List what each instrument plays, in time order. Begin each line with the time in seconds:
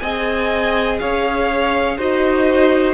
0.00 cello C4, viola G#4, violin D#5 G#5
1.00 cello C#4, violin C#5 F5
1.98 cello D#4, viola F#4, violin C5 D#5